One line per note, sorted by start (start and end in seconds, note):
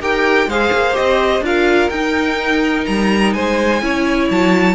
0.00 0.46 D#4
0.00 0.49 G4
0.00 0.48 A#4
0.00 0.49 G5
0.46 0.70 G#3
0.46 0.93 G#4
0.46 1.44 C5
0.46 0.95 F5
0.72 0.96 A#3
0.93 1.41 G4
0.93 1.43 D#5
0.99 1.41 C4
1.41 1.88 D4
1.41 1.91 F4
1.41 3.34 A#4
1.41 1.89 F5
1.89 2.85 D#4
1.89 3.80 D#4
1.89 2.85 G5
2.86 3.35 G3
2.86 3.33 A#5
3.33 3.81 G#3
3.33 3.82 C5
3.33 4.28 G#5
3.80 4.29 C#4
3.80 4.75 E4
3.80 4.75 C#5
4.30 4.75 F#3
4.30 4.75 A5